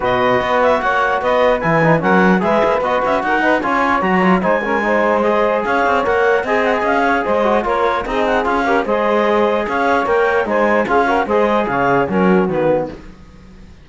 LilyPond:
<<
  \new Staff \with { instrumentName = "clarinet" } { \time 4/4 \tempo 4 = 149 dis''4. e''8 fis''4 dis''4 | gis''4 fis''4 e''4 dis''8 e''8 | fis''4 gis''4 ais''4 gis''4~ | gis''4 dis''4 f''4 fis''4 |
gis''8 fis''16 gis''16 f''4 dis''4 cis''4 | dis''8 fis''8 f''4 dis''2 | f''4 g''4 gis''4 f''4 | dis''4 f''4 ais'4 b'4 | }
  \new Staff \with { instrumentName = "saxophone" } { \time 4/4 b'2 cis''4 b'4~ | b'4 ais'4 b'2 | ais'8 b'8 cis''2 c''8 ais'8 | c''2 cis''2 |
dis''4. cis''8 c''4 ais'4 | gis'4. ais'8 c''2 | cis''2 c''4 gis'8 ais'8 | c''4 cis''4 fis'2 | }
  \new Staff \with { instrumentName = "trombone" } { \time 4/4 fis'1 | e'8 dis'8 cis'4 gis'4 fis'4~ | fis'8 dis'8 f'4 fis'8 f'8 dis'8 cis'8 | dis'4 gis'2 ais'4 |
gis'2~ gis'8 fis'8 f'4 | dis'4 f'8 g'8 gis'2~ | gis'4 ais'4 dis'4 f'8 fis'8 | gis'2 cis'4 b4 | }
  \new Staff \with { instrumentName = "cello" } { \time 4/4 b,4 b4 ais4 b4 | e4 fis4 gis8 ais8 b8 cis'8 | dis'4 cis'4 fis4 gis4~ | gis2 cis'8 c'8 ais4 |
c'4 cis'4 gis4 ais4 | c'4 cis'4 gis2 | cis'4 ais4 gis4 cis'4 | gis4 cis4 fis4 dis4 | }
>>